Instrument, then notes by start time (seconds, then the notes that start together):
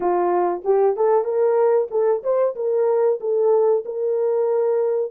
horn
0.00 F4
0.64 G4
0.96 A4
1.24 A#4
1.91 A4
2.23 C5
2.55 A#4
3.20 A4
3.85 A#4